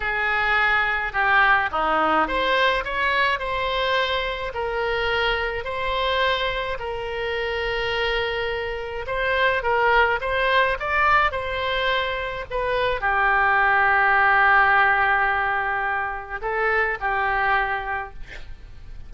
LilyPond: \new Staff \with { instrumentName = "oboe" } { \time 4/4 \tempo 4 = 106 gis'2 g'4 dis'4 | c''4 cis''4 c''2 | ais'2 c''2 | ais'1 |
c''4 ais'4 c''4 d''4 | c''2 b'4 g'4~ | g'1~ | g'4 a'4 g'2 | }